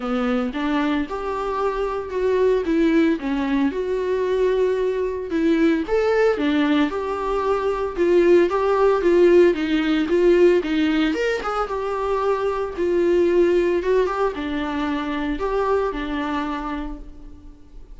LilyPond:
\new Staff \with { instrumentName = "viola" } { \time 4/4 \tempo 4 = 113 b4 d'4 g'2 | fis'4 e'4 cis'4 fis'4~ | fis'2 e'4 a'4 | d'4 g'2 f'4 |
g'4 f'4 dis'4 f'4 | dis'4 ais'8 gis'8 g'2 | f'2 fis'8 g'8 d'4~ | d'4 g'4 d'2 | }